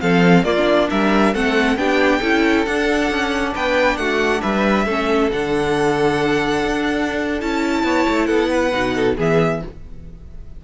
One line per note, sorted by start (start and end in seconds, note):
0.00 0.43 F3
0.00 0.44 C4
0.00 0.44 A4
0.00 0.44 F5
0.43 0.87 A#3
0.43 0.55 A#3
0.43 0.88 F4
0.43 0.88 D5
0.57 1.34 D4
0.90 1.34 G3
0.90 1.33 A#4
0.90 1.34 E5
1.33 1.76 A3
1.33 1.77 C4
1.33 1.77 A4
1.33 1.77 F#5
1.76 2.20 B3
1.76 2.21 D4
1.76 2.19 G4
1.76 2.65 G5
2.19 2.66 C#4
2.19 2.66 E4
2.19 3.51 A4
2.65 4.87 D4
2.65 3.10 D4
2.65 3.53 F#5
3.10 3.54 C#4
3.54 3.97 B3
3.54 3.98 B4
3.54 3.97 G5
3.97 4.41 A3
3.97 4.42 F#4
3.97 4.41 F#5
4.42 4.86 G3
4.42 4.85 B4
4.42 5.30 E5
4.85 5.30 A3
4.85 5.31 C#4
4.85 7.83 A4
5.32 6.65 D3
5.32 7.40 D4
5.32 7.41 F#5
6.65 7.42 D4
7.40 7.83 C#4
7.40 8.72 E4
7.40 8.26 A5
7.83 8.05 B3
7.83 8.27 C#5
8.08 8.29 A3
8.26 8.72 B3
8.26 8.49 A4
8.26 9.14 F#5
8.50 8.94 B4
8.72 9.17 B2
8.72 9.16 D#4
8.95 9.17 A4
9.17 9.62 E3
9.17 9.62 B3
9.17 9.61 G#4
9.17 9.64 E5